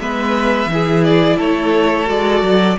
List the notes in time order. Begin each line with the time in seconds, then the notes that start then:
0.00 G#3 B3 B4 E5
0.67 E3 E4
0.74 G#4
1.04 D5
1.37 A3 A4 C#5
2.07 G#3 F#4 D5
2.43 F#3